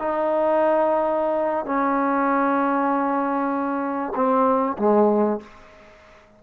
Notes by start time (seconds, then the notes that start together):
0.00 D#4
1.66 C#4
4.16 C4
4.79 G#3